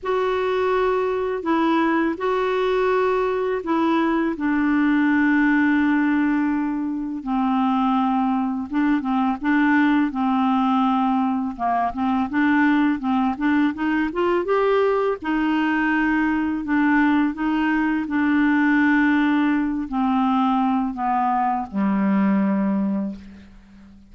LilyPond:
\new Staff \with { instrumentName = "clarinet" } { \time 4/4 \tempo 4 = 83 fis'2 e'4 fis'4~ | fis'4 e'4 d'2~ | d'2 c'2 | d'8 c'8 d'4 c'2 |
ais8 c'8 d'4 c'8 d'8 dis'8 f'8 | g'4 dis'2 d'4 | dis'4 d'2~ d'8 c'8~ | c'4 b4 g2 | }